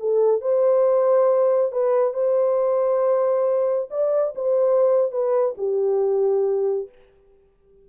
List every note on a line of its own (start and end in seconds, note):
0.00 0.42 A4
0.42 1.72 C5
1.72 2.14 B4
2.14 3.89 C5
3.91 4.34 D5
4.35 5.12 C5
5.12 5.56 B4
5.58 6.89 G4